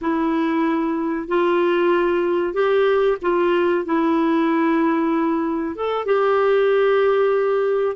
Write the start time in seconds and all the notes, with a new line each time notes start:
0.01 E4
1.28 F4
2.53 G4
3.21 F4
3.85 E4
5.75 A4
6.05 G4